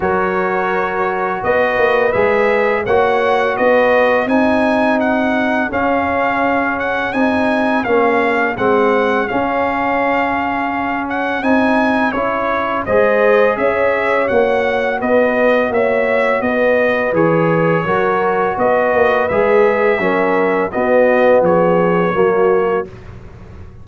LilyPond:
<<
  \new Staff \with { instrumentName = "trumpet" } { \time 4/4 \tempo 4 = 84 cis''2 dis''4 e''4 | fis''4 dis''4 gis''4 fis''4 | f''4. fis''8 gis''4 f''4 | fis''4 f''2~ f''8 fis''8 |
gis''4 cis''4 dis''4 e''4 | fis''4 dis''4 e''4 dis''4 | cis''2 dis''4 e''4~ | e''4 dis''4 cis''2 | }
  \new Staff \with { instrumentName = "horn" } { \time 4/4 ais'2 b'2 | cis''4 b'4 gis'2~ | gis'1~ | gis'1~ |
gis'2 c''4 cis''4~ | cis''4 b'4 cis''4 b'4~ | b'4 ais'4 b'2 | ais'4 fis'4 gis'4 fis'4 | }
  \new Staff \with { instrumentName = "trombone" } { \time 4/4 fis'2. gis'4 | fis'2 dis'2 | cis'2 dis'4 cis'4 | c'4 cis'2. |
dis'4 e'4 gis'2 | fis'1 | gis'4 fis'2 gis'4 | cis'4 b2 ais4 | }
  \new Staff \with { instrumentName = "tuba" } { \time 4/4 fis2 b8 ais8 gis4 | ais4 b4 c'2 | cis'2 c'4 ais4 | gis4 cis'2. |
c'4 cis'4 gis4 cis'4 | ais4 b4 ais4 b4 | e4 fis4 b8 ais8 gis4 | fis4 b4 f4 fis4 | }
>>